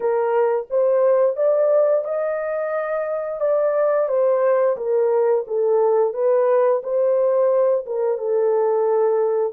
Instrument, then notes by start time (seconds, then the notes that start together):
horn
0.00 A#4
0.70 C5
1.36 D5
2.04 D#5
3.40 D5
4.08 C5
4.76 A#4
5.47 A4
6.13 B4
6.83 C5
7.86 A#4
8.18 A4